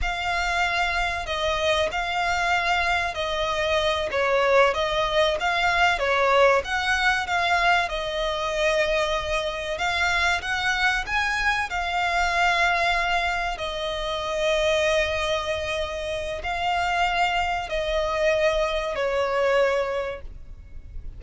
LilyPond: \new Staff \with { instrumentName = "violin" } { \time 4/4 \tempo 4 = 95 f''2 dis''4 f''4~ | f''4 dis''4. cis''4 dis''8~ | dis''8 f''4 cis''4 fis''4 f''8~ | f''8 dis''2. f''8~ |
f''8 fis''4 gis''4 f''4.~ | f''4. dis''2~ dis''8~ | dis''2 f''2 | dis''2 cis''2 | }